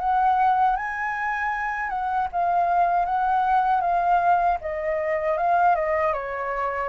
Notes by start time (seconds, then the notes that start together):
0.00 F#5
0.77 G#5
1.90 F#5
2.33 F5
3.06 F#5
3.81 F5
4.62 D#5
5.38 F5
5.76 D#5
6.14 C#5